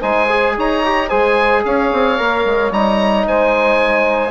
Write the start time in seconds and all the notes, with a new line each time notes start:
0.00 G#3 D#4 C5 G#5
0.29 G#4
0.56 D#4 C#5 A#5
0.84 G4
1.08 G#3 G#4 C5 G#5
1.64 C#4 C#5 F5
1.92 C4
2.18 A#3 A#4
2.45 G#3
2.71 G3 D#4 A#5
3.27 G#3 C5 G#5